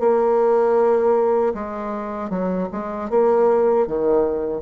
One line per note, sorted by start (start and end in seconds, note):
0.00 1.54 A#3
1.55 2.30 G#3
2.30 2.68 F#3
2.72 3.10 G#3
3.10 3.87 A#3
3.87 4.62 D#3